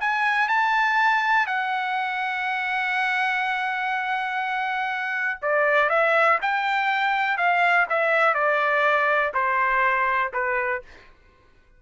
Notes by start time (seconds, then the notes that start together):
0.00 G#5
0.48 A5
1.46 F#5
5.42 D5
5.89 E5
6.42 G5
7.37 F5
7.89 E5
8.34 D5
9.34 C5
10.33 B4